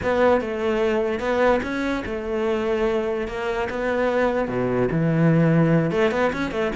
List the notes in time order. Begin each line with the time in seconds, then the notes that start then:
0.02 B3
0.40 A3
1.19 B3
1.62 C#4
2.05 A3
3.27 A#3
3.69 B3
4.48 B2
4.91 E3
5.91 A3
6.11 B3
6.32 C#4
6.51 A3